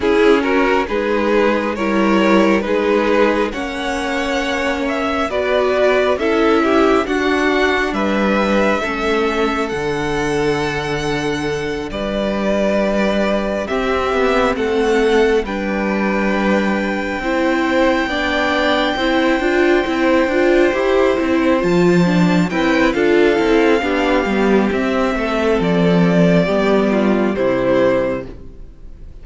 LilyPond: <<
  \new Staff \with { instrumentName = "violin" } { \time 4/4 \tempo 4 = 68 gis'8 ais'8 b'4 cis''4 b'4 | fis''4. e''8 d''4 e''4 | fis''4 e''2 fis''4~ | fis''4. d''2 e''8~ |
e''8 fis''4 g''2~ g''8~ | g''1~ | g''8 a''4 g''8 f''2 | e''4 d''2 c''4 | }
  \new Staff \with { instrumentName = "violin" } { \time 4/4 e'8 fis'8 gis'4 ais'4 gis'4 | cis''2 b'4 a'8 g'8 | fis'4 b'4 a'2~ | a'4. b'2 g'8~ |
g'8 a'4 b'2 c''8~ | c''8 d''4 c''2~ c''8~ | c''4. b'8 a'4 g'4~ | g'8 a'4. g'8 f'8 e'4 | }
  \new Staff \with { instrumentName = "viola" } { \time 4/4 cis'4 dis'4 e'4 dis'4 | cis'2 fis'4 e'4 | d'2 cis'4 d'4~ | d'2.~ d'8 c'8~ |
c'4. d'2 e'8~ | e'8 d'4 e'8 f'8 e'8 f'8 g'8 | e'8 f'8 d'8 e'8 f'8 e'8 d'8 b8 | c'2 b4 g4 | }
  \new Staff \with { instrumentName = "cello" } { \time 4/4 cis'4 gis4 g4 gis4 | ais2 b4 cis'4 | d'4 g4 a4 d4~ | d4. g2 c'8 |
b8 a4 g2 c'8~ | c'8 b4 c'8 d'8 c'8 d'8 e'8 | c'8 f4 c'8 d'8 c'8 b8 g8 | c'8 a8 f4 g4 c4 | }
>>